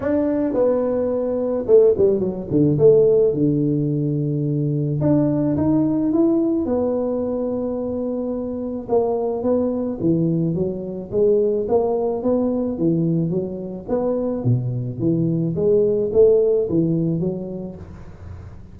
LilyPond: \new Staff \with { instrumentName = "tuba" } { \time 4/4 \tempo 4 = 108 d'4 b2 a8 g8 | fis8 d8 a4 d2~ | d4 d'4 dis'4 e'4 | b1 |
ais4 b4 e4 fis4 | gis4 ais4 b4 e4 | fis4 b4 b,4 e4 | gis4 a4 e4 fis4 | }